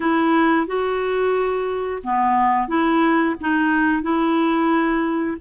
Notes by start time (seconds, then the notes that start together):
0.00 E4
0.66 F#4
2.03 B3
2.68 E4
3.40 D#4
4.02 E4